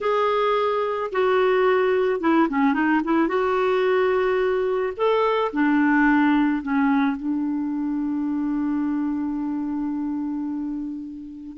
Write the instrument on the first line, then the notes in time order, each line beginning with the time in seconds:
clarinet
0.00 G#4
1.12 F#4
2.20 E4
2.49 C#4
2.73 D#4
3.04 E4
3.28 F#4
4.96 A4
5.52 D4
6.62 C#4
7.17 D4